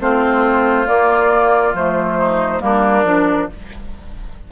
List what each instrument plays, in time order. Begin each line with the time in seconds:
0.00 bassoon A3, clarinet C4, oboe F4, flute C5
0.86 clarinet A#3, bassoon A#3, flute D5
1.74 bassoon F3, clarinet A3, flute C5
2.18 oboe D#4
2.60 bassoon G3, clarinet A#3, oboe D4, flute A#4
3.04 bassoon F3, clarinet D4